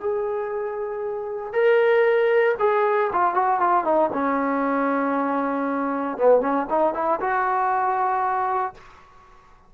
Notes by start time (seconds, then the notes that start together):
0.00 G#4
1.53 A#4
2.59 G#4
3.12 F4
3.34 F#4
3.60 F4
3.84 D#4
4.13 C#4
6.18 B3
6.41 C#4
6.70 D#4
6.94 E4
7.20 F#4